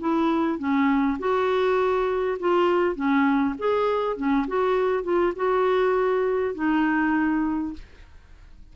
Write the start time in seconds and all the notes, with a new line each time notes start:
0.00 E4
0.58 C#4
1.19 F#4
2.39 F4
2.95 C#4
3.58 G#4
4.16 C#4
4.47 F#4
5.03 F4
5.35 F#4
6.55 D#4